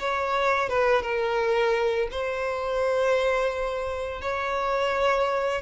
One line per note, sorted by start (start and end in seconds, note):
0.00 0.70 C#5
0.70 1.03 B4
1.03 2.09 A#4
2.11 4.22 C5
4.22 5.62 C#5